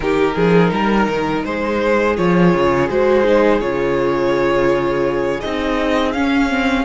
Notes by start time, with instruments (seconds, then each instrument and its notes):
0.00 cello D#3, viola D#4, violin G4 A#4
0.35 cello F3, violin G#4
0.71 cello G3, violin A#4
1.08 cello D#3
1.44 cello G#3, violin G#4 C5
2.16 cello F3, viola F4, violin C#5
2.53 cello C#3
2.88 cello G#3, viola F#4, violin C5
3.24 viola D#4
3.60 cello C#3, viola F4, violin C#5
5.40 cello C4, viola D#4, violin D#5
6.12 viola C#4, cello C#4, violin F5
6.49 viola C4